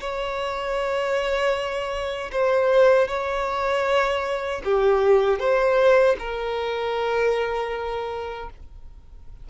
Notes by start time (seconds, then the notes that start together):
0.00 C#5
2.31 C5
3.07 C#5
4.64 G4
5.39 C5
6.19 A#4